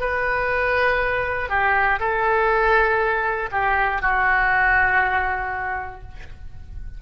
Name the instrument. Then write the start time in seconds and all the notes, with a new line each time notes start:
oboe
0.00 B4
1.49 G4
2.00 A4
3.52 G4
4.02 F#4